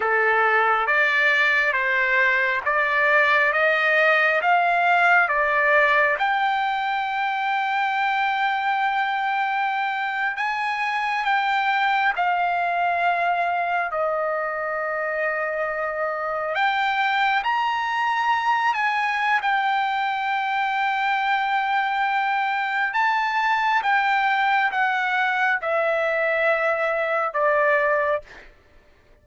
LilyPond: \new Staff \with { instrumentName = "trumpet" } { \time 4/4 \tempo 4 = 68 a'4 d''4 c''4 d''4 | dis''4 f''4 d''4 g''4~ | g''2.~ g''8. gis''16~ | gis''8. g''4 f''2 dis''16~ |
dis''2~ dis''8. g''4 ais''16~ | ais''4~ ais''16 gis''8. g''2~ | g''2 a''4 g''4 | fis''4 e''2 d''4 | }